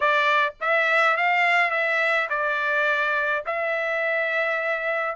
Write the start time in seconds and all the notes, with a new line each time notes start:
0.00 D5
0.60 E5
1.17 F5
1.70 E5
2.29 D5
3.45 E5